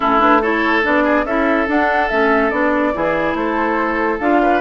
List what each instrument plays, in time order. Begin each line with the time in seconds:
0.00 bassoon A3, clarinet C#4, oboe E4, flute A4
0.19 clarinet D4, flute B4
0.41 clarinet E4, oboe A4, flute C#5
0.83 bassoon B3, clarinet D4, flute D5
1.03 oboe G#4
1.24 bassoon C#4, clarinet E4, oboe A4, flute E5
1.67 clarinet D4, bassoon D4, flute F#5
2.08 bassoon A3, clarinet C#4, flute E5
2.49 bassoon B3, clarinet D4, flute D5
2.93 bassoon E3, clarinet E4, oboe G#4
3.34 bassoon A3, oboe A4, flute C5
4.19 bassoon D4, clarinet F4, flute F5
4.42 oboe B4